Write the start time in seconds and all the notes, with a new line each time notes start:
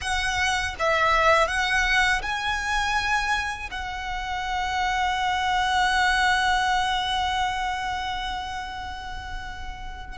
0.01 F#5
0.79 E5
1.47 F#5
2.22 G#5
3.70 F#5